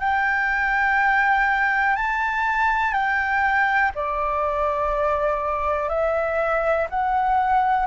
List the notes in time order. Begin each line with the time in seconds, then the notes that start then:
0.00 G5
1.96 A5
2.93 G5
3.96 D5
5.90 E5
6.90 F#5